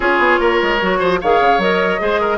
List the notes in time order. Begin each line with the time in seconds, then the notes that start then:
0.00 C#4 F4 G#4 C#5
0.18 B3
0.39 A#3 A#4
0.62 G#3
0.80 F#3 F#4
0.99 F3 C5
1.20 D#3 G#4 C#5 F5
1.40 C#3
1.58 F#3 A#4 D#5
1.98 G#3 G#4 C5
2.20 A#4